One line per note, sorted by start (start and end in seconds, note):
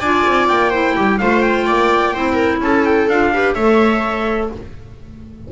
0.00 0.25 D4
0.00 0.72 F4
0.00 0.70 D5
0.00 0.47 G#5
0.25 0.49 C4
0.48 0.96 A#3
0.48 1.18 G5
0.70 1.19 E4
0.70 0.94 C5
0.95 1.20 G3
0.95 1.19 G4
1.18 1.68 A3
1.18 2.15 F4
1.18 1.66 C5
1.18 1.41 F5
1.41 2.59 G5
1.66 2.15 A#3
1.66 2.13 D5
2.13 2.60 C4
2.13 3.09 E4
2.13 2.33 C5
2.33 2.57 A#4
2.60 3.07 C#4
2.60 3.33 A4
2.60 2.85 A5
2.85 3.08 G5
3.07 3.55 D4
3.07 3.33 F4
3.07 3.54 F5
3.33 3.57 G4
3.33 3.55 B4
3.54 4.50 A3
3.54 4.52 A4
3.54 4.49 C#5
3.54 4.48 E5